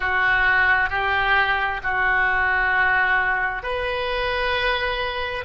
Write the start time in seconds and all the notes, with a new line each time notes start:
0.00 F#4
0.89 G4
1.83 F#4
3.62 B4